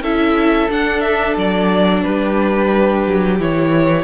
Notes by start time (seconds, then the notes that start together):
0.00 C#4 E4 A4 E5
0.69 D4 F#5
1.00 E5
1.37 F#3 D5
2.03 G3 G4 B4
3.07 F#3
3.39 E3 E4 C#5